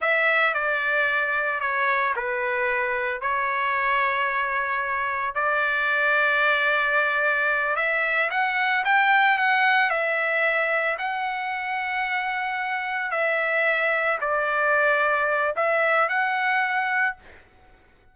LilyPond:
\new Staff \with { instrumentName = "trumpet" } { \time 4/4 \tempo 4 = 112 e''4 d''2 cis''4 | b'2 cis''2~ | cis''2 d''2~ | d''2~ d''8 e''4 fis''8~ |
fis''8 g''4 fis''4 e''4.~ | e''8 fis''2.~ fis''8~ | fis''8 e''2 d''4.~ | d''4 e''4 fis''2 | }